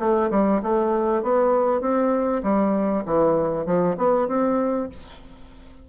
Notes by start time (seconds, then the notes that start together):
0.00 A3
0.31 G3
0.63 A3
1.23 B3
1.81 C4
2.44 G3
3.06 E3
3.66 F3
3.98 B3
4.28 C4